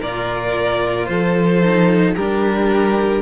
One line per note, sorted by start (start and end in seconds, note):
0.00 1.08 A#2
0.00 1.62 F4
0.00 1.07 A#4
0.00 1.05 D5
1.05 2.15 F3
1.05 2.15 A4
1.05 2.12 C5
1.62 2.15 D#4
2.15 3.22 G3
2.15 3.22 D4
2.15 3.22 G4
2.15 3.22 A#4